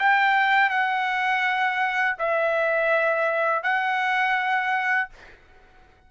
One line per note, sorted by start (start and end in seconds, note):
0.00 0.70 G5
0.70 2.17 F#5
2.19 3.63 E5
3.63 5.10 F#5